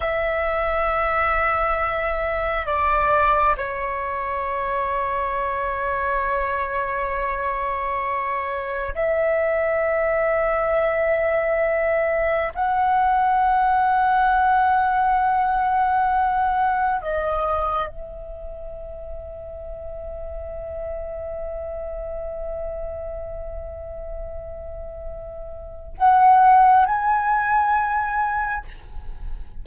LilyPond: \new Staff \with { instrumentName = "flute" } { \time 4/4 \tempo 4 = 67 e''2. d''4 | cis''1~ | cis''2 e''2~ | e''2 fis''2~ |
fis''2. dis''4 | e''1~ | e''1~ | e''4 fis''4 gis''2 | }